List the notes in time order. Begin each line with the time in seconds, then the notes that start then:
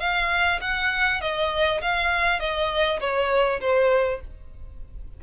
0.00 F5
0.61 F#5
1.21 D#5
1.82 F5
2.40 D#5
3.00 C#5
3.61 C5